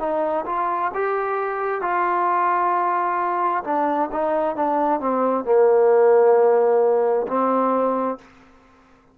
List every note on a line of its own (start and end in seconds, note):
0.00 0.45 D#4
0.46 0.92 F4
0.95 1.82 G4
1.82 3.64 F4
3.64 4.10 D4
4.12 4.56 D#4
4.56 5.01 D4
5.01 5.45 C4
5.45 7.27 A#3
7.28 8.19 C4